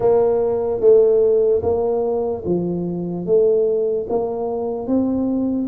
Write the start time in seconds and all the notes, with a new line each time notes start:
0.00 A#3
0.80 A3
1.62 A#3
2.45 F3
3.25 A3
4.09 A#3
4.87 C4